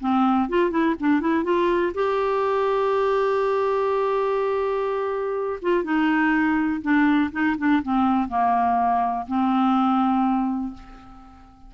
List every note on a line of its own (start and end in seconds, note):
0.00 0.49 C4
0.49 0.70 F4
0.70 0.94 E4
0.99 1.20 D4
1.20 1.44 E4
1.44 1.92 F4
1.94 5.60 G4
5.61 5.83 F4
5.83 6.81 D#4
6.81 7.30 D4
7.32 7.56 D#4
7.57 7.82 D4
7.82 8.28 C4
8.28 9.26 A#3
9.27 10.74 C4